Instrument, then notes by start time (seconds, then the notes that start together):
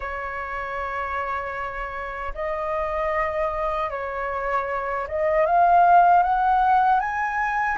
flute
0.00 C#5
2.34 D#5
3.90 C#5
5.07 D#5
5.46 F5
6.22 F#5
7.00 G#5